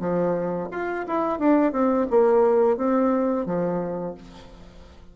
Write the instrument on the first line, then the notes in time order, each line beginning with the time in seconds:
bassoon
0.00 F3
0.71 F4
1.07 E4
1.39 D4
1.72 C4
2.10 A#3
2.77 C4
3.46 F3